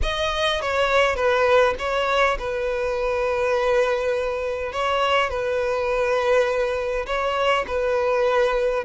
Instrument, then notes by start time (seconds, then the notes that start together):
violin
0.02 D#5
0.61 C#5
1.15 B4
1.78 C#5
2.38 B4
4.72 C#5
5.29 B4
7.06 C#5
7.67 B4